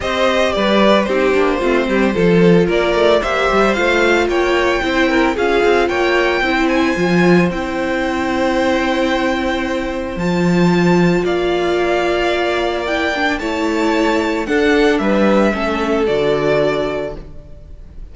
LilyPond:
<<
  \new Staff \with { instrumentName = "violin" } { \time 4/4 \tempo 4 = 112 dis''4 d''4 c''2~ | c''4 d''4 e''4 f''4 | g''2 f''4 g''4~ | g''8 gis''4. g''2~ |
g''2. a''4~ | a''4 f''2. | g''4 a''2 fis''4 | e''2 d''2 | }
  \new Staff \with { instrumentName = "violin" } { \time 4/4 c''4 b'4 g'4 f'8 g'8 | a'4 ais'4 c''2 | cis''4 c''8 ais'8 gis'4 cis''4 | c''1~ |
c''1~ | c''4 d''2.~ | d''4 cis''2 a'4 | b'4 a'2. | }
  \new Staff \with { instrumentName = "viola" } { \time 4/4 g'2 dis'8 d'8 c'4 | f'2 g'4 f'4~ | f'4 e'4 f'2 | e'4 f'4 e'2~ |
e'2. f'4~ | f'1 | e'8 d'8 e'2 d'4~ | d'4 cis'4 fis'2 | }
  \new Staff \with { instrumentName = "cello" } { \time 4/4 c'4 g4 c'8 ais8 a8 g8 | f4 ais8 a8 ais8 g8 a4 | ais4 c'4 cis'8 c'8 ais4 | c'4 f4 c'2~ |
c'2. f4~ | f4 ais2.~ | ais4 a2 d'4 | g4 a4 d2 | }
>>